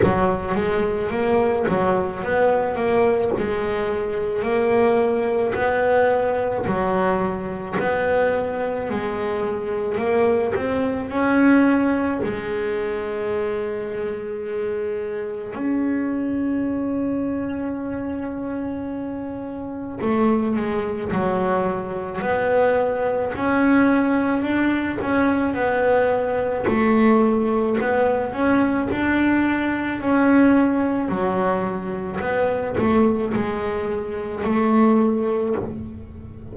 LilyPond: \new Staff \with { instrumentName = "double bass" } { \time 4/4 \tempo 4 = 54 fis8 gis8 ais8 fis8 b8 ais8 gis4 | ais4 b4 fis4 b4 | gis4 ais8 c'8 cis'4 gis4~ | gis2 cis'2~ |
cis'2 a8 gis8 fis4 | b4 cis'4 d'8 cis'8 b4 | a4 b8 cis'8 d'4 cis'4 | fis4 b8 a8 gis4 a4 | }